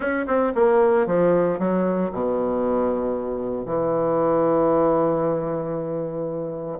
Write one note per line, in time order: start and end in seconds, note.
0.00 0.26 C#4
0.26 0.52 C4
0.55 1.06 A#3
1.06 1.58 F3
1.58 2.10 F#3
2.12 3.65 B2
3.65 6.78 E3